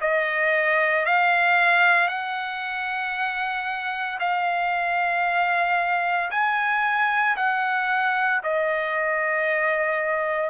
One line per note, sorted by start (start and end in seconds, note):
0.00 1.05 D#5
1.05 2.08 F5
2.08 4.18 F#5
4.19 6.30 F5
6.31 7.36 G#5
7.36 8.41 F#5
8.43 10.50 D#5